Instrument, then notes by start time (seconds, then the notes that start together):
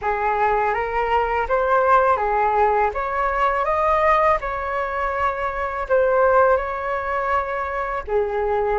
flute
0.01 G#4
0.74 A#4
1.48 C5
2.16 G#4
2.93 C#5
3.65 D#5
4.40 C#5
5.88 C5
6.57 C#5
8.07 G#4